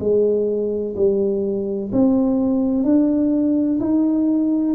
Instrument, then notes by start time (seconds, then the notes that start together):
tuba
0.00 G#3
0.97 G3
1.93 C4
2.84 D4
3.81 D#4